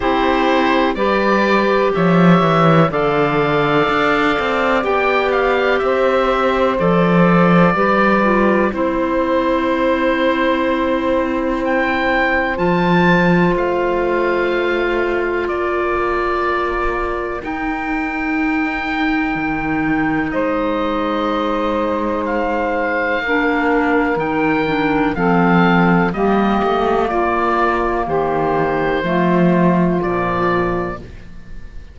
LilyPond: <<
  \new Staff \with { instrumentName = "oboe" } { \time 4/4 \tempo 4 = 62 c''4 d''4 e''4 f''4~ | f''4 g''8 f''8 e''4 d''4~ | d''4 c''2. | g''4 a''4 f''2 |
d''2 g''2~ | g''4 dis''2 f''4~ | f''4 g''4 f''4 dis''4 | d''4 c''2 d''4 | }
  \new Staff \with { instrumentName = "saxophone" } { \time 4/4 g'4 b'4 cis''4 d''4~ | d''2 c''2 | b'4 c''2.~ | c''1 |
ais'1~ | ais'4 c''2. | ais'2 a'4 g'4 | f'4 g'4 f'2 | }
  \new Staff \with { instrumentName = "clarinet" } { \time 4/4 e'4 g'2 a'4~ | a'4 g'2 a'4 | g'8 f'8 e'2.~ | e'4 f'2.~ |
f'2 dis'2~ | dis'1 | d'4 dis'8 d'8 c'4 ais4~ | ais2 a4 f4 | }
  \new Staff \with { instrumentName = "cello" } { \time 4/4 c'4 g4 f8 e8 d4 | d'8 c'8 b4 c'4 f4 | g4 c'2.~ | c'4 f4 a2 |
ais2 dis'2 | dis4 gis2. | ais4 dis4 f4 g8 a8 | ais4 dis4 f4 ais,4 | }
>>